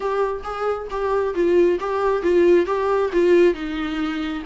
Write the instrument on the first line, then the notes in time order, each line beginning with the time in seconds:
viola
0.00 G4
0.43 G#4
0.90 G4
1.34 F4
1.80 G4
2.22 F4
2.66 G4
3.12 F4
3.54 D#4